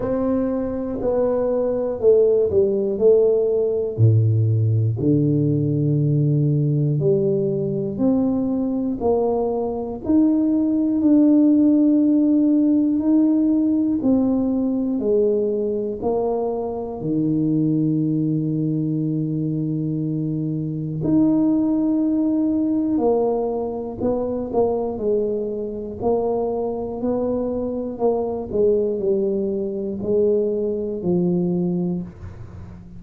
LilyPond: \new Staff \with { instrumentName = "tuba" } { \time 4/4 \tempo 4 = 60 c'4 b4 a8 g8 a4 | a,4 d2 g4 | c'4 ais4 dis'4 d'4~ | d'4 dis'4 c'4 gis4 |
ais4 dis2.~ | dis4 dis'2 ais4 | b8 ais8 gis4 ais4 b4 | ais8 gis8 g4 gis4 f4 | }